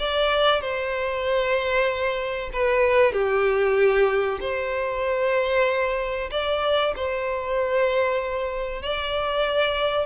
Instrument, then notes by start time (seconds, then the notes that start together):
violin
0.00 D5
0.61 C5
2.53 B4
3.13 G4
4.41 C5
6.32 D5
6.96 C5
8.82 D5